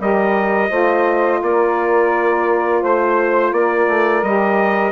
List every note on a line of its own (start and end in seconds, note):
0.00 0.71 G3
0.00 0.70 G4
0.00 0.70 A#4
0.00 1.43 D#5
0.70 1.42 A3
0.70 4.23 F4
0.70 1.40 C5
1.43 2.83 A#3
1.43 2.82 A#4
1.43 2.84 D5
2.82 3.52 A3
2.82 3.52 C5
2.82 3.53 C5
3.52 3.88 A#3
3.52 4.92 A#4
3.52 4.24 D5
3.88 4.23 A3
4.23 4.92 G3
4.23 4.92 G4
4.23 4.92 D#5